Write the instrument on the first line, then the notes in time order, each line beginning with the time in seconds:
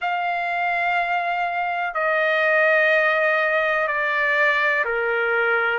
trumpet
0.01 F5
1.94 D#5
3.87 D5
4.84 A#4